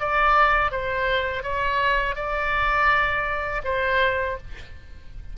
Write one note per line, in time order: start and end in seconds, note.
0.00 0.72 D5
0.72 1.43 C5
1.43 2.16 C#5
2.16 3.62 D5
3.65 4.38 C5